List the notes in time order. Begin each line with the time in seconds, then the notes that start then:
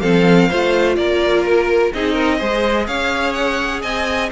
0.00 F3 C4 A4 F5
0.48 A3 F4 C5
0.96 A#3 A#4 D5
1.45 A#4
1.93 C4 D#4 G#4 D#5
2.13 A#4
2.38 G#3 G#4 C5
2.87 C#4 C#5 F5
3.33 F#5
3.82 C4 D#5 G#5